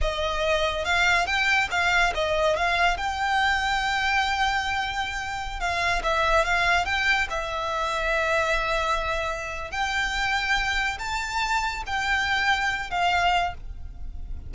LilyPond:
\new Staff \with { instrumentName = "violin" } { \time 4/4 \tempo 4 = 142 dis''2 f''4 g''4 | f''4 dis''4 f''4 g''4~ | g''1~ | g''4~ g''16 f''4 e''4 f''8.~ |
f''16 g''4 e''2~ e''8.~ | e''2. g''4~ | g''2 a''2 | g''2~ g''8 f''4. | }